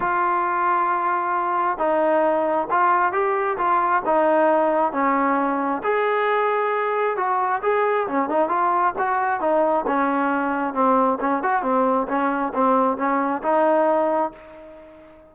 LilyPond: \new Staff \with { instrumentName = "trombone" } { \time 4/4 \tempo 4 = 134 f'1 | dis'2 f'4 g'4 | f'4 dis'2 cis'4~ | cis'4 gis'2. |
fis'4 gis'4 cis'8 dis'8 f'4 | fis'4 dis'4 cis'2 | c'4 cis'8 fis'8 c'4 cis'4 | c'4 cis'4 dis'2 | }